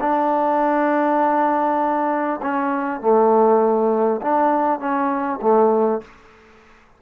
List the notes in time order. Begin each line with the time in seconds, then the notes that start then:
0.00 D4
2.42 C#4
3.00 A3
4.21 D4
4.79 C#4
5.41 A3